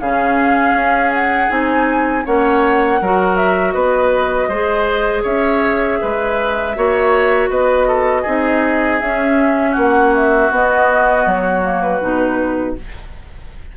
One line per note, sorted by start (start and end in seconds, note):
0.00 0.73 C#3
0.00 1.49 C#4
0.00 2.25 G#4
0.00 1.12 F5
0.73 1.48 C#4
1.13 1.50 F#5
1.49 2.25 C4
1.49 2.24 D#4
1.49 2.25 G#5
2.25 3.01 A#3
2.25 3.00 C#4
2.25 3.00 C#5
2.25 3.36 F#5
3.01 3.74 F#3
3.01 4.52 F#4
3.01 3.74 A#4
3.36 3.72 E5
3.72 4.48 B3
3.72 4.48 B4
3.72 5.22 D#5
4.48 5.23 G#3
4.48 6.76 G#4
4.48 5.22 C5
5.22 6.00 C#4
5.22 5.97 C#5
5.22 7.50 E5
6.01 6.76 G#3
6.01 6.76 B4
6.76 7.49 A#3
6.76 8.25 F#4
6.76 7.50 C#5
7.49 8.24 B3
7.49 7.87 B4
7.49 8.99 D#5
7.87 8.22 A4
8.22 9.01 C4
8.22 9.00 D#4
8.22 9.71 G#4
8.99 9.76 C#4
8.99 10.51 C#4
8.99 9.74 E5
9.71 10.50 A#3
9.71 12.71 F#4
9.71 10.14 F#5
10.14 10.52 E5
10.50 11.25 B3
10.50 11.62 B3
10.50 11.28 D#5
11.25 12.00 F#3
11.25 11.81 C#5
11.62 12.00 A#3
11.81 12.75 B4
12.01 12.77 B2
12.01 12.76 D#4